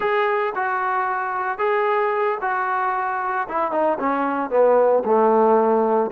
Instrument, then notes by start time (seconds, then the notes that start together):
trombone
0.00 G#4
0.55 F#4
1.58 G#4
2.41 F#4
3.48 E4
3.71 D#4
3.99 C#4
4.50 B3
5.04 A3